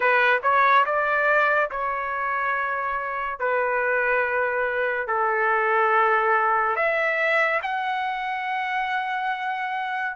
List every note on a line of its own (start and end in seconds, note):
0.00 0.40 B4
0.42 0.85 C#5
0.85 1.70 D5
1.71 3.39 C#5
3.39 5.07 B4
5.07 6.76 A4
6.76 7.60 E5
7.62 10.16 F#5